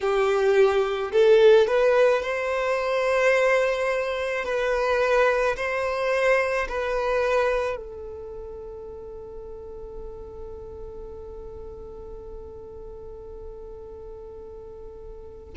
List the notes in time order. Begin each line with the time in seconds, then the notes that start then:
0.00 G4
1.12 A4
1.67 B4
2.22 C5
4.44 B4
5.56 C5
6.68 B4
7.76 A4